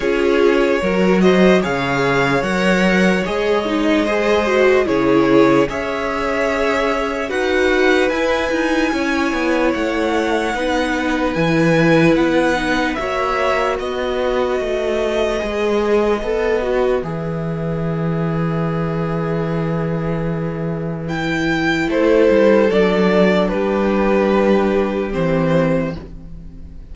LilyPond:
<<
  \new Staff \with { instrumentName = "violin" } { \time 4/4 \tempo 4 = 74 cis''4. dis''8 f''4 fis''4 | dis''2 cis''4 e''4~ | e''4 fis''4 gis''2 | fis''2 gis''4 fis''4 |
e''4 dis''2.~ | dis''4 e''2.~ | e''2 g''4 c''4 | d''4 b'2 c''4 | }
  \new Staff \with { instrumentName = "violin" } { \time 4/4 gis'4 ais'8 c''8 cis''2~ | cis''4 c''4 gis'4 cis''4~ | cis''4 b'2 cis''4~ | cis''4 b'2. |
cis''4 b'2.~ | b'1~ | b'2. a'4~ | a'4 g'2. | }
  \new Staff \with { instrumentName = "viola" } { \time 4/4 f'4 fis'4 gis'4 ais'4 | gis'8 dis'8 gis'8 fis'8 e'4 gis'4~ | gis'4 fis'4 e'2~ | e'4 dis'4 e'4. dis'8 |
fis'2. gis'4 | a'8 fis'8 gis'2.~ | gis'2 e'2 | d'2. c'4 | }
  \new Staff \with { instrumentName = "cello" } { \time 4/4 cis'4 fis4 cis4 fis4 | gis2 cis4 cis'4~ | cis'4 dis'4 e'8 dis'8 cis'8 b8 | a4 b4 e4 b4 |
ais4 b4 a4 gis4 | b4 e2.~ | e2. a8 g8 | fis4 g2 e4 | }
>>